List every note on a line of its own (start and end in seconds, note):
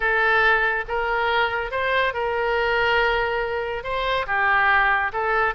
0.00 0.84 A4
0.87 1.71 A#4
1.71 2.13 C5
2.13 3.83 A#4
3.83 4.26 C5
4.26 5.12 G4
5.13 5.54 A4